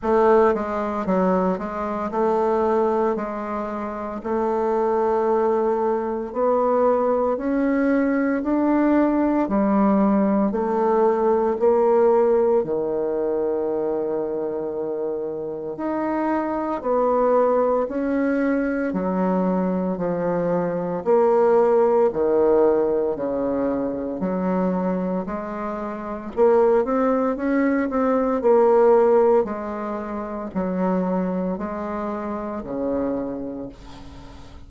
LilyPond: \new Staff \with { instrumentName = "bassoon" } { \time 4/4 \tempo 4 = 57 a8 gis8 fis8 gis8 a4 gis4 | a2 b4 cis'4 | d'4 g4 a4 ais4 | dis2. dis'4 |
b4 cis'4 fis4 f4 | ais4 dis4 cis4 fis4 | gis4 ais8 c'8 cis'8 c'8 ais4 | gis4 fis4 gis4 cis4 | }